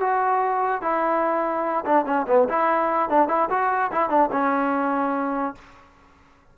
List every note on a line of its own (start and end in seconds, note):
0.00 0.82 F#4
0.82 1.85 E4
1.85 2.05 D4
2.05 2.26 C#4
2.28 2.48 B3
2.49 3.09 E4
3.09 3.28 D4
3.28 3.49 E4
3.50 3.91 F#4
3.92 4.09 E4
4.09 4.30 D4
4.32 5.55 C#4